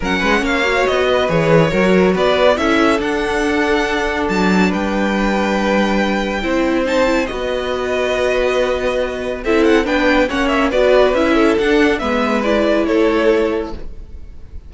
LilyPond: <<
  \new Staff \with { instrumentName = "violin" } { \time 4/4 \tempo 4 = 140 fis''4 f''4 dis''4 cis''4~ | cis''4 d''4 e''4 fis''4~ | fis''2 a''4 g''4~ | g''1 |
a''4 dis''2.~ | dis''2 e''8 fis''8 g''4 | fis''8 e''8 d''4 e''4 fis''4 | e''4 d''4 cis''2 | }
  \new Staff \with { instrumentName = "violin" } { \time 4/4 ais'8 b'8 cis''4. b'4. | ais'4 b'4 a'2~ | a'2. b'4~ | b'2. c''4~ |
c''4 b'2.~ | b'2 a'4 b'4 | cis''4 b'4. a'4. | b'2 a'2 | }
  \new Staff \with { instrumentName = "viola" } { \time 4/4 cis'4. fis'4. gis'4 | fis'2 e'4 d'4~ | d'1~ | d'2. e'4 |
dis'8 e'8 fis'2.~ | fis'2 e'4 d'4 | cis'4 fis'4 e'4 d'4 | b4 e'2. | }
  \new Staff \with { instrumentName = "cello" } { \time 4/4 fis8 gis8 ais4 b4 e4 | fis4 b4 cis'4 d'4~ | d'2 fis4 g4~ | g2. c'4~ |
c'4 b2.~ | b2 c'4 b4 | ais4 b4 cis'4 d'4 | gis2 a2 | }
>>